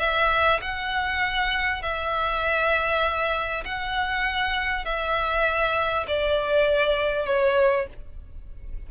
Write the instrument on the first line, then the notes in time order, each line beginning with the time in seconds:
violin
0.00 E5
0.62 F#5
1.83 E5
3.65 F#5
4.86 E5
6.08 D5
7.26 C#5